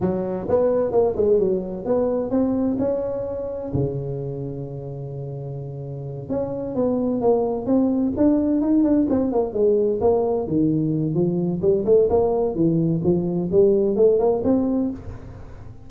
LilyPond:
\new Staff \with { instrumentName = "tuba" } { \time 4/4 \tempo 4 = 129 fis4 b4 ais8 gis8 fis4 | b4 c'4 cis'2 | cis1~ | cis4. cis'4 b4 ais8~ |
ais8 c'4 d'4 dis'8 d'8 c'8 | ais8 gis4 ais4 dis4. | f4 g8 a8 ais4 e4 | f4 g4 a8 ais8 c'4 | }